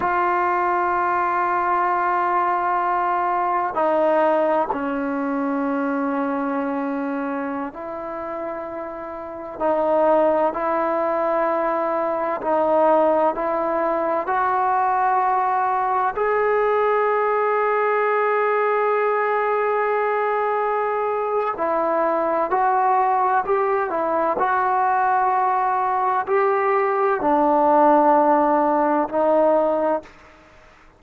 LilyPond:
\new Staff \with { instrumentName = "trombone" } { \time 4/4 \tempo 4 = 64 f'1 | dis'4 cis'2.~ | cis'16 e'2 dis'4 e'8.~ | e'4~ e'16 dis'4 e'4 fis'8.~ |
fis'4~ fis'16 gis'2~ gis'8.~ | gis'2. e'4 | fis'4 g'8 e'8 fis'2 | g'4 d'2 dis'4 | }